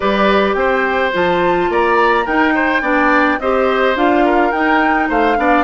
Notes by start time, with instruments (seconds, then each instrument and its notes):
0.00 bassoon G3, clarinet G4, oboe B4, flute D5
0.54 bassoon C4, oboe C5, flute G5
1.12 bassoon F3, clarinet F4, flute A5
1.69 bassoon A#3, oboe D5, flute A#5
2.25 bassoon D#4, clarinet D#4, oboe A#4, flute G5
2.55 oboe C5
2.81 bassoon B3, clarinet D4, oboe D5
3.39 bassoon C4, clarinet G4, oboe C5, flute D#5
3.95 bassoon D4, clarinet F4, flute F5
4.25 oboe A#4
4.51 bassoon D#4, clarinet D#4, flute G5
5.08 bassoon A3, oboe C5, flute F5
5.36 bassoon B3, clarinet D4, oboe D5